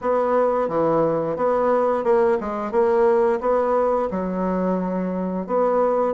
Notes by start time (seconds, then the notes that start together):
0.01 B3
0.68 E3
1.36 B3
2.03 A#3
2.40 G#3
2.71 A#3
3.40 B3
4.11 F#3
5.46 B3